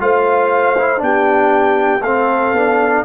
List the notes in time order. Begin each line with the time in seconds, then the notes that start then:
0.00 A3 F4 C5 F5
0.78 E4
0.98 B3 D4 G5
1.04 G4
2.01 A3 C4 A4 F5
2.53 B3 D4